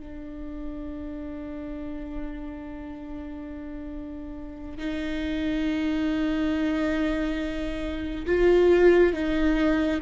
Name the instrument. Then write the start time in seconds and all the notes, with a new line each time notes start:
viola
0.00 D4
4.78 D#4
8.26 F4
9.13 D#4